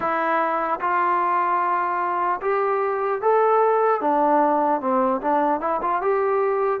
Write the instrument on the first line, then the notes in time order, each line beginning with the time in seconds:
trombone
0.00 E4
0.80 F4
2.41 G4
3.21 A4
4.00 D4
4.80 C4
5.21 D4
5.60 E4
5.81 F4
6.01 G4